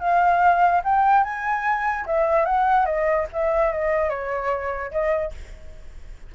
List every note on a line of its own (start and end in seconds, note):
0.00 0.82 F5
0.84 1.24 G5
1.24 2.05 G#5
2.06 2.45 E5
2.45 2.85 F#5
2.85 3.26 D#5
3.33 3.72 E5
3.72 4.09 D#5
4.09 4.91 C#5
4.91 5.32 D#5